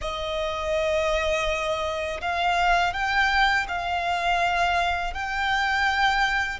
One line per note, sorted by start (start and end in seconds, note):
0.01 2.21 D#5
2.21 2.93 F5
2.93 3.66 G5
3.68 5.13 F5
5.13 6.60 G5